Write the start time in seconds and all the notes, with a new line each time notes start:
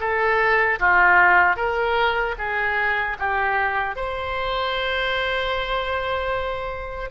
0.00 A4
0.79 F4
1.56 A#4
2.38 G#4
3.19 G4
3.96 C5